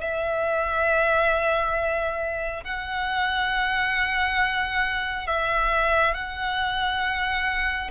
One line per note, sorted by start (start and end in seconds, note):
0.00 2.64 E5
2.64 5.27 F#5
5.27 6.14 E5
6.14 7.91 F#5